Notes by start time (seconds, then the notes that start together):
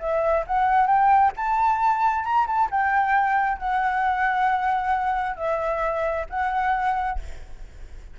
0.00 E5
0.47 F#5
0.87 G5
1.37 A5
2.24 A#5
2.47 A5
2.71 G5
3.58 F#5
5.37 E5
6.30 F#5